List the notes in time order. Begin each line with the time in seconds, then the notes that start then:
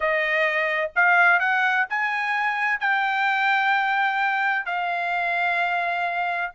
0.00 D#5
0.95 F5
1.39 F#5
1.89 G#5
2.80 G5
4.65 F5